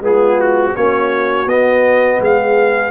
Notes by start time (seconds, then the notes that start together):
0.00 G#3 B3 F4 G#4
0.40 F#4
0.74 A#3 C#4 F#4 C#5
1.46 B3 D#5
2.19 G#3 G#4 F5